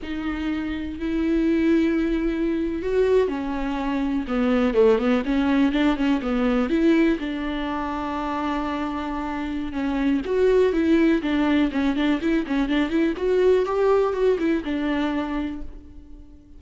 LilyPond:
\new Staff \with { instrumentName = "viola" } { \time 4/4 \tempo 4 = 123 dis'2 e'2~ | e'4.~ e'16 fis'4 cis'4~ cis'16~ | cis'8. b4 a8 b8 cis'4 d'16~ | d'16 cis'8 b4 e'4 d'4~ d'16~ |
d'1 | cis'4 fis'4 e'4 d'4 | cis'8 d'8 e'8 cis'8 d'8 e'8 fis'4 | g'4 fis'8 e'8 d'2 | }